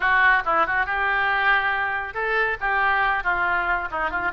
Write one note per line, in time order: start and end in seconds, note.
0.00 0.42 F#4
0.45 0.66 E4
0.66 0.86 F#4
0.86 2.13 G4
2.13 2.57 A4
2.60 3.23 G4
3.23 3.88 F4
3.91 4.10 D#4
4.10 4.31 F4